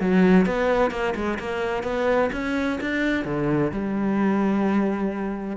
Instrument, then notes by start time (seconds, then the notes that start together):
cello
0.00 F#3
0.46 B3
0.90 A#3
1.15 G#3
1.39 A#3
1.83 B3
2.32 C#4
2.81 D4
3.25 D3
3.71 G3